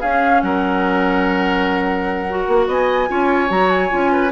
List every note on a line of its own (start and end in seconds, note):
0.00 2.27 C#4
0.00 0.42 C#4
0.00 0.41 G#4
0.00 0.41 F5
0.41 2.47 F#3
0.41 2.68 A#4
0.41 2.67 F#5
2.29 3.07 F#4
2.47 2.67 A#3
2.67 3.08 B3
2.67 3.09 D#5
2.67 3.51 G#5
3.07 3.50 C#4
3.07 3.48 F4
3.07 4.12 C#5
3.48 3.91 F#3
3.48 3.89 F#4
3.48 3.70 A#5
3.70 4.31 G#5
3.89 4.32 C#4
3.89 4.30 F4
4.12 4.32 B4